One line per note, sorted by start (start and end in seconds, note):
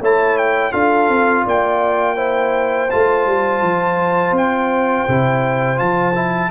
0.00 0.72 A3
0.00 0.72 E4
0.00 0.70 C#5
0.00 0.37 A5
0.37 0.72 G5
0.70 1.08 D4
0.70 2.16 F4
0.70 1.43 A4
0.70 1.44 F5
1.08 1.44 C4
1.45 2.91 A#3
1.45 2.16 D5
1.45 2.90 G5
2.16 2.88 E4
2.16 6.49 C5
2.90 3.26 A3
2.90 5.08 F4
2.90 4.35 A5
3.26 3.62 G3
3.62 4.31 F3
4.31 5.04 C4
4.31 5.79 G5
5.08 5.80 C3
5.08 5.76 E4
5.76 6.50 F3
5.76 6.12 F4
5.76 6.50 A5
6.15 6.50 E4